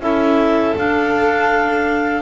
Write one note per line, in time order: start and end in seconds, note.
0.00 0.74 C#4
0.00 0.76 E4
0.00 2.22 A4
0.00 0.76 E5
0.77 2.22 D4
0.77 2.22 F5